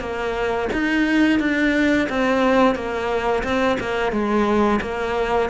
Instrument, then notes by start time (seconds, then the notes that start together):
cello
0.00 A#3
0.73 D#4
1.39 D4
2.09 C4
2.75 A#3
3.44 C4
3.80 A#3
4.12 G#3
4.81 A#3